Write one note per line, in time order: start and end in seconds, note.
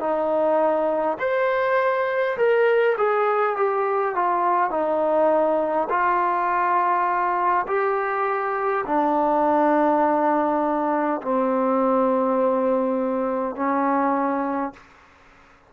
0.00 1.18 D#4
1.19 2.37 C5
2.37 2.96 A#4
2.98 3.57 G#4
3.57 4.16 G4
4.16 4.71 F4
4.71 5.88 D#4
5.90 7.66 F4
7.67 8.85 G4
8.86 11.21 D4
11.22 13.56 C4
13.56 14.73 C#4